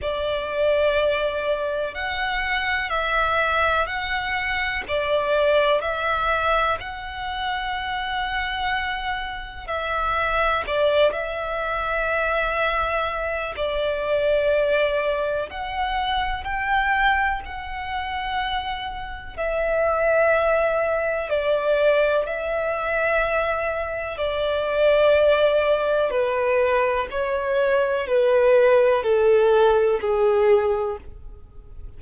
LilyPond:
\new Staff \with { instrumentName = "violin" } { \time 4/4 \tempo 4 = 62 d''2 fis''4 e''4 | fis''4 d''4 e''4 fis''4~ | fis''2 e''4 d''8 e''8~ | e''2 d''2 |
fis''4 g''4 fis''2 | e''2 d''4 e''4~ | e''4 d''2 b'4 | cis''4 b'4 a'4 gis'4 | }